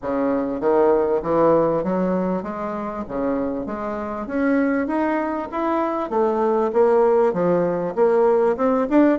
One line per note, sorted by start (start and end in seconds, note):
0.02 0.60 C#3
0.60 1.21 D#3
1.22 1.83 E3
1.83 2.42 F#3
2.42 3.03 G#3
3.08 3.65 C#3
3.65 4.27 G#3
4.27 4.87 C#4
4.87 5.48 D#4
5.51 6.10 E4
6.10 6.71 A3
6.72 7.33 A#3
7.33 7.94 F3
7.95 8.56 A#3
8.56 8.87 C4
8.89 9.18 D4